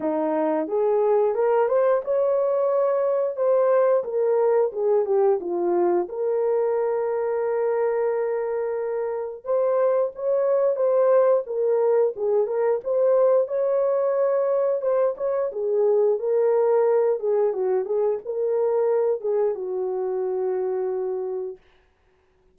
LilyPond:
\new Staff \with { instrumentName = "horn" } { \time 4/4 \tempo 4 = 89 dis'4 gis'4 ais'8 c''8 cis''4~ | cis''4 c''4 ais'4 gis'8 g'8 | f'4 ais'2.~ | ais'2 c''4 cis''4 |
c''4 ais'4 gis'8 ais'8 c''4 | cis''2 c''8 cis''8 gis'4 | ais'4. gis'8 fis'8 gis'8 ais'4~ | ais'8 gis'8 fis'2. | }